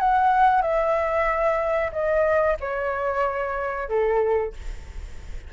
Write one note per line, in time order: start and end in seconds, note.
0.00 0.62 F#5
0.62 1.91 E5
1.92 2.57 D#5
2.60 3.89 C#5
3.89 4.53 A4